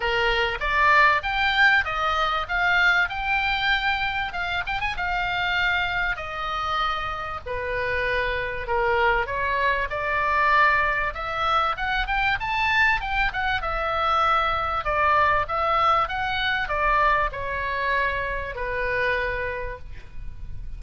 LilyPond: \new Staff \with { instrumentName = "oboe" } { \time 4/4 \tempo 4 = 97 ais'4 d''4 g''4 dis''4 | f''4 g''2 f''8 g''16 gis''16 | f''2 dis''2 | b'2 ais'4 cis''4 |
d''2 e''4 fis''8 g''8 | a''4 g''8 fis''8 e''2 | d''4 e''4 fis''4 d''4 | cis''2 b'2 | }